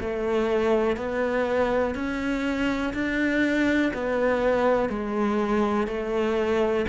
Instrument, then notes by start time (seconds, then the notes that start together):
cello
0.00 A3
0.96 B3
1.94 C#4
2.93 D4
3.93 B3
4.89 G#3
5.87 A3